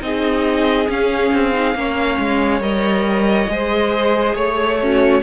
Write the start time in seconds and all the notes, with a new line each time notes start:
0.00 C4 D#4 G#4 D#5
0.88 C#4 F5
1.34 C4
1.53 D#4
1.75 A#3 C#4 C#5
2.19 G#3
2.60 G3 A#4 D#5
3.48 G#3 G#4 C5
4.35 A3 C#5
4.82 C#4 F#4